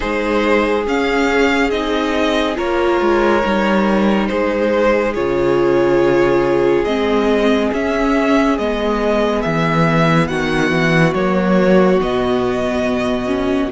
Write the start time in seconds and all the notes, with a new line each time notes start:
0.00 G#3 D#4 G#4 C5
0.86 C#4 F5
1.70 C4 D#4 D#5
2.55 A#3 F4 A#4 C#5
3.00 G#3
3.44 G3 D#4
4.27 G#3 G#4 C5
5.14 C#3 F4 C#5
6.84 G#3 C4 D#5
7.72 C#4 E5
8.58 G#3 B3 D#5
9.42 E3 E5
10.27 D#3 F#4 F#5
10.70 E3
11.13 F#3 A#3 C#5
12.01 B2 B3 D#5
13.26 C#4